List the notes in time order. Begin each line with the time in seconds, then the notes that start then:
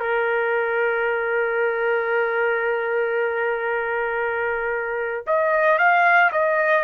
0.00 A#4
5.27 D#5
5.78 F5
6.32 D#5